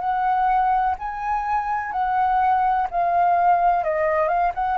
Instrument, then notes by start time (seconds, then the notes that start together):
flute
0.00 F#5
0.99 G#5
1.93 F#5
2.91 F5
3.84 D#5
4.29 F5
4.55 F#5